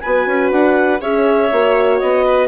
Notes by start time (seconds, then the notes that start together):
0.00 B3 F#4 B4 G#5
0.26 C#4
0.51 D4 F#5
1.00 C#4 G#4 C#5 E5
1.51 A#3 F#4
1.98 B3 D#5
2.25 B4